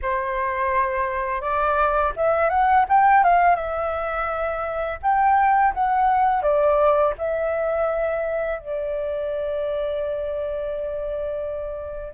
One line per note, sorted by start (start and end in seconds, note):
0.02 1.41 C5
1.41 2.12 D5
2.16 2.49 E5
2.49 2.85 F#5
2.89 3.23 G5
3.23 3.55 F5
3.55 4.98 E5
5.02 5.73 G5
5.73 6.42 F#5
6.42 7.13 D5
7.18 8.59 E5
8.59 12.13 D5